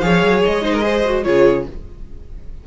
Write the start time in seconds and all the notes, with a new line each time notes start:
0.00 F3 G#4 C#5 F5
0.24 F#3
0.45 G#3 D#5
0.62 D#4 C5
0.74 A#4
0.82 G#4 C5
1.06 F#4
1.24 C#3 F4 G#4 C#5